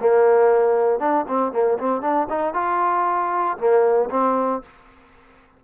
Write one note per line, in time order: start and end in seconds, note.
0.00 0.99 A#3
0.99 1.25 D4
1.27 1.52 C4
1.52 1.78 A#3
1.78 2.01 C4
2.01 2.27 D4
2.29 2.54 D#4
2.54 3.57 F4
3.57 4.09 A#3
4.10 4.62 C4